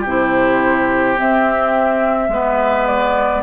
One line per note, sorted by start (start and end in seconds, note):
0.00 1.18 C3
0.00 2.26 G4
0.07 1.16 E4
0.07 1.19 C5
1.16 2.29 C4
1.16 2.28 C4
1.16 2.86 E5
2.28 3.42 G#3
2.28 3.43 B3
2.28 3.43 B4
2.86 3.43 D5